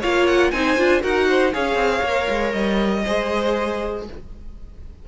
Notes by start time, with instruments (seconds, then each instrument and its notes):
0.00 cello A#3, viola F4, violin C#5 F5
0.27 violin F#5
0.51 cello C4, viola D#4, violin C5 G#5
0.77 cello D4, viola F4
1.01 cello D#4, viola F#4, violin A#4 F#5
1.29 violin C5
1.53 cello C#4, viola G#4, violin C#5 F5
1.75 cello C4
2.02 cello A#3, viola A#4
2.29 cello G#3
2.52 cello G3, violin D#5
3.04 cello G#3, viola G#4, violin C5